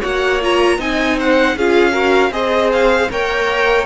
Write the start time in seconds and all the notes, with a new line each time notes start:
0.00 A#3 F#4 C#5 F#5
0.42 F4 A#5
0.78 C4 D#4 D#5 G#5
1.17 C5 F#5
1.55 C#4 F4 G#4 F5
1.92 F#4 A#4
2.30 C4 G#4 C5 D#5
2.72 F5
3.10 A#3 A#4 C#5 G5